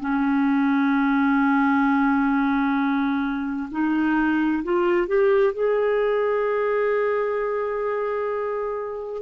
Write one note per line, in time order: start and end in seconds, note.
0.00 3.69 C#4
3.71 4.63 D#4
4.64 5.07 F4
5.07 5.53 G4
5.53 9.22 G#4